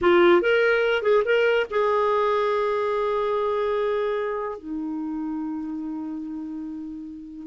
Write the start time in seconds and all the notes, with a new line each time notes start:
0.01 F4
0.41 A#4
1.02 G#4
1.24 A#4
1.70 G#4
4.58 D#4